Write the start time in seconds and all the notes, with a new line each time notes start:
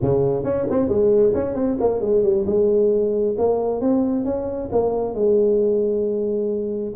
0.01 C#3
0.44 C#4
0.69 C4
0.88 G#3
1.34 C#4
1.54 C4
1.80 A#3
2.00 G#3
2.23 G3
2.46 G#3
3.38 A#3
3.80 C4
4.25 C#4
4.71 A#3
5.14 G#3